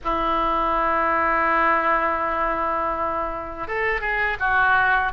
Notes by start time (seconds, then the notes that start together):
0.04 E4
3.67 A4
4.00 G#4
4.39 F#4